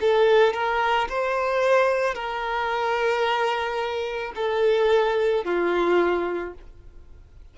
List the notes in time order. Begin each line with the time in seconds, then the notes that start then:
0.00 A4
0.53 A#4
1.09 C5
2.14 A#4
4.35 A4
5.44 F4